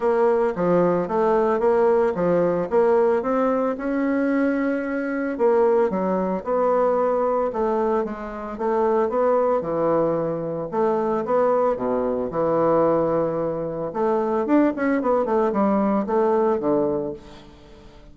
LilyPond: \new Staff \with { instrumentName = "bassoon" } { \time 4/4 \tempo 4 = 112 ais4 f4 a4 ais4 | f4 ais4 c'4 cis'4~ | cis'2 ais4 fis4 | b2 a4 gis4 |
a4 b4 e2 | a4 b4 b,4 e4~ | e2 a4 d'8 cis'8 | b8 a8 g4 a4 d4 | }